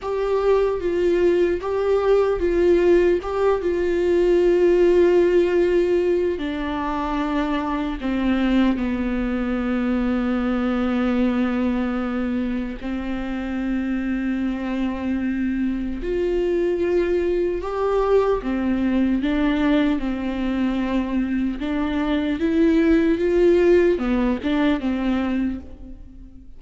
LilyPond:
\new Staff \with { instrumentName = "viola" } { \time 4/4 \tempo 4 = 75 g'4 f'4 g'4 f'4 | g'8 f'2.~ f'8 | d'2 c'4 b4~ | b1 |
c'1 | f'2 g'4 c'4 | d'4 c'2 d'4 | e'4 f'4 b8 d'8 c'4 | }